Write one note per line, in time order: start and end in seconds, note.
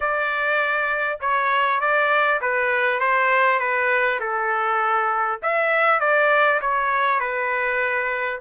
0.00 1.19 D5
1.20 1.80 C#5
1.80 2.40 D5
2.41 3.00 B4
3.00 3.59 C5
3.59 4.19 B4
4.20 5.40 A4
5.42 5.99 E5
5.99 6.59 D5
6.61 7.20 C#5
7.20 8.40 B4